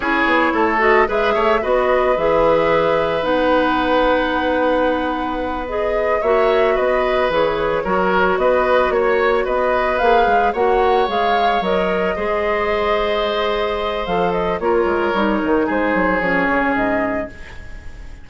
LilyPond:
<<
  \new Staff \with { instrumentName = "flute" } { \time 4/4 \tempo 4 = 111 cis''4. dis''8 e''4 dis''4 | e''2 fis''2~ | fis''2~ fis''8 dis''4 e''8~ | e''8 dis''4 cis''2 dis''8~ |
dis''8 cis''4 dis''4 f''4 fis''8~ | fis''8 f''4 dis''2~ dis''8~ | dis''2 f''8 dis''8 cis''4~ | cis''4 c''4 cis''4 dis''4 | }
  \new Staff \with { instrumentName = "oboe" } { \time 4/4 gis'4 a'4 b'8 cis''8 b'4~ | b'1~ | b'2.~ b'8 cis''8~ | cis''8 b'2 ais'4 b'8~ |
b'8 cis''4 b'2 cis''8~ | cis''2~ cis''8 c''4.~ | c''2. ais'4~ | ais'4 gis'2. | }
  \new Staff \with { instrumentName = "clarinet" } { \time 4/4 e'4. fis'8 gis'4 fis'4 | gis'2 dis'2~ | dis'2~ dis'8 gis'4 fis'8~ | fis'4. gis'4 fis'4.~ |
fis'2~ fis'8 gis'4 fis'8~ | fis'8 gis'4 ais'4 gis'4.~ | gis'2 a'4 f'4 | dis'2 cis'2 | }
  \new Staff \with { instrumentName = "bassoon" } { \time 4/4 cis'8 b8 a4 gis8 a8 b4 | e2 b2~ | b2.~ b8 ais8~ | ais8 b4 e4 fis4 b8~ |
b8 ais4 b4 ais8 gis8 ais8~ | ais8 gis4 fis4 gis4.~ | gis2 f4 ais8 gis8 | g8 dis8 gis8 fis8 f8 cis8 gis,4 | }
>>